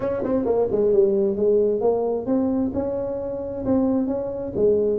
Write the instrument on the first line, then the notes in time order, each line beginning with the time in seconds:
tuba
0.00 C#4
0.23 C4
0.45 A#3
0.71 G#3
0.93 G3
1.36 G#3
1.80 A#3
2.26 C4
2.73 C#4
3.65 C4
4.07 C#4
4.55 G#3